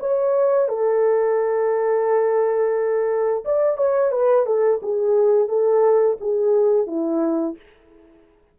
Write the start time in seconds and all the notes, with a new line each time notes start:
0.00 C#5
0.69 A4
3.45 D5
3.77 C#5
4.12 B4
4.46 A4
4.83 G#4
5.49 A4
6.21 G#4
6.87 E4